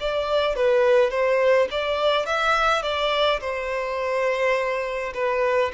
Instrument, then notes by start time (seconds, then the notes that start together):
violin
0.00 D5
0.56 B4
1.11 C5
1.71 D5
2.26 E5
2.82 D5
3.40 C5
5.14 B4